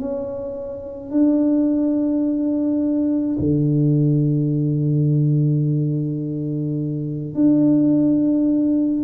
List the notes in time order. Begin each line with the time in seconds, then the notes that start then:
0.00 C#4
1.11 D4
3.39 D3
7.35 D4